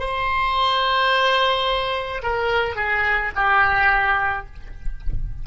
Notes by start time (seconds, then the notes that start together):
0.00 C5
2.23 A#4
2.76 G#4
3.36 G4